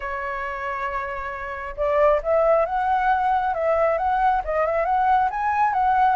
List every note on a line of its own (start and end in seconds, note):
0.00 1.75 C#5
1.76 2.21 D5
2.22 2.65 E5
2.65 3.54 F#5
3.54 3.97 E5
3.97 4.42 F#5
4.44 4.66 D#5
4.66 4.85 E5
4.85 5.29 F#5
5.30 5.73 G#5
5.73 6.16 F#5